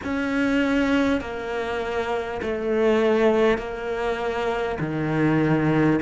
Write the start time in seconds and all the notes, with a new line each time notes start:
0.04 C#4
1.20 A#3
2.42 A3
3.57 A#3
4.80 D#3